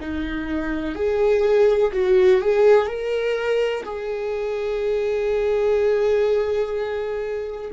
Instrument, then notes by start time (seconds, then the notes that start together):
viola
0.00 D#4
0.95 G#4
1.92 F#4
2.41 G#4
2.86 A#4
3.84 G#4